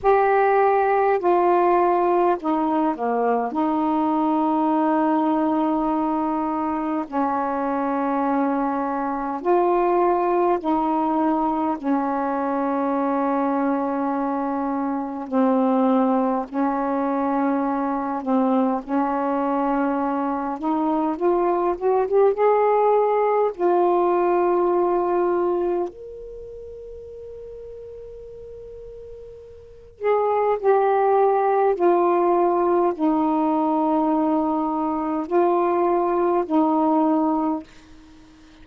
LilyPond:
\new Staff \with { instrumentName = "saxophone" } { \time 4/4 \tempo 4 = 51 g'4 f'4 dis'8 ais8 dis'4~ | dis'2 cis'2 | f'4 dis'4 cis'2~ | cis'4 c'4 cis'4. c'8 |
cis'4. dis'8 f'8 fis'16 g'16 gis'4 | f'2 ais'2~ | ais'4. gis'8 g'4 f'4 | dis'2 f'4 dis'4 | }